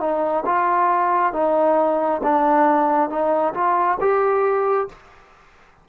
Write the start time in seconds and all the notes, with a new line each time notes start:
0.00 D#4
0.45 F4
1.33 D#4
2.23 D4
3.09 D#4
3.54 F4
4.00 G4